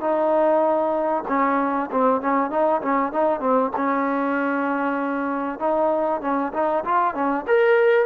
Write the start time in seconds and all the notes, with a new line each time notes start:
0.00 D#4
1.28 C#4
1.91 C4
2.21 C#4
2.50 D#4
2.81 C#4
3.12 D#4
3.40 C4
3.76 C#4
5.59 D#4
6.21 C#4
6.53 D#4
6.85 F4
7.14 C#4
7.47 A#4